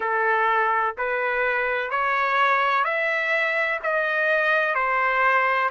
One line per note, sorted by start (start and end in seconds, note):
0.00 0.95 A4
0.97 1.90 B4
1.90 2.84 C#5
2.84 3.79 E5
3.83 4.74 D#5
4.74 5.69 C5